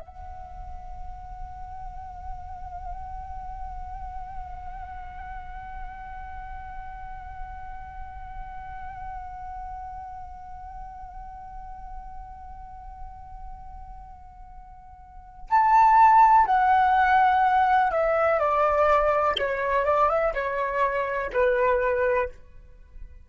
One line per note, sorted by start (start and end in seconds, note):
0.00 15.48 F#5
15.50 16.46 A5
16.46 17.91 F#5
17.91 18.39 E5
18.39 19.36 D5
19.38 19.85 C#5
19.85 20.09 D5
20.09 20.33 E5
20.34 21.31 C#5
21.33 22.29 B4